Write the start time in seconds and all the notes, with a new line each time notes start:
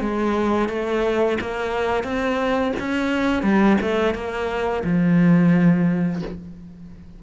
0.00 G#3
0.69 A3
1.40 A#3
2.03 C4
2.80 C#4
3.42 G3
3.81 A3
4.14 A#3
4.84 F3